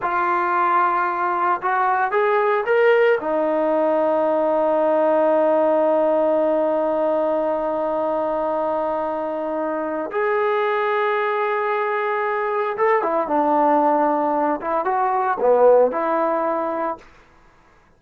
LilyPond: \new Staff \with { instrumentName = "trombone" } { \time 4/4 \tempo 4 = 113 f'2. fis'4 | gis'4 ais'4 dis'2~ | dis'1~ | dis'1~ |
dis'2. gis'4~ | gis'1 | a'8 e'8 d'2~ d'8 e'8 | fis'4 b4 e'2 | }